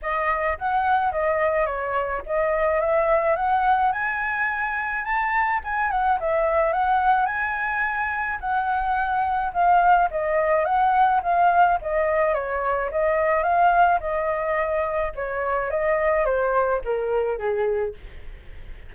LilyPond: \new Staff \with { instrumentName = "flute" } { \time 4/4 \tempo 4 = 107 dis''4 fis''4 dis''4 cis''4 | dis''4 e''4 fis''4 gis''4~ | gis''4 a''4 gis''8 fis''8 e''4 | fis''4 gis''2 fis''4~ |
fis''4 f''4 dis''4 fis''4 | f''4 dis''4 cis''4 dis''4 | f''4 dis''2 cis''4 | dis''4 c''4 ais'4 gis'4 | }